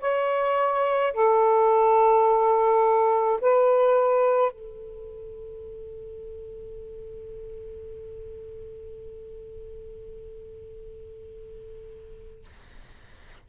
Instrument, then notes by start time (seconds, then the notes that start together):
saxophone
0.00 C#5
1.14 A4
3.41 B4
4.52 A4